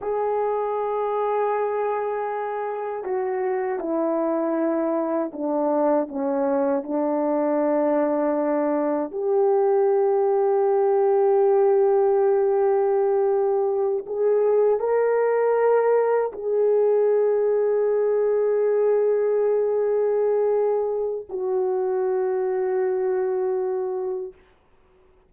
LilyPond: \new Staff \with { instrumentName = "horn" } { \time 4/4 \tempo 4 = 79 gis'1 | fis'4 e'2 d'4 | cis'4 d'2. | g'1~ |
g'2~ g'8 gis'4 ais'8~ | ais'4. gis'2~ gis'8~ | gis'1 | fis'1 | }